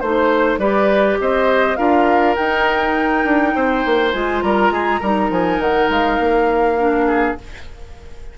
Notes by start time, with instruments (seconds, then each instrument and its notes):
0.00 bassoon A3, clarinet D#4, flute C5, oboe C5
0.58 bassoon G3, clarinet G4, oboe B4, flute D5
1.20 bassoon C4, oboe C5, flute D#5
1.76 bassoon D4, clarinet F4, oboe A#4, flute F5
2.35 bassoon D#4, clarinet D#4, flute G5
3.24 bassoon D4
3.55 bassoon C4, oboe C5
3.85 bassoon A#3
4.11 bassoon G#3, clarinet F4, flute G#5
4.42 bassoon G3, oboe A#4, flute A#5
4.70 bassoon G#3, oboe G#4
5.00 bassoon G3, clarinet D#4, oboe A#4
5.30 bassoon F3, flute G#5
5.59 bassoon D#3, flute F#5
5.89 bassoon G#3, flute F5
6.19 bassoon A#3
6.77 clarinet D4
7.07 oboe G#4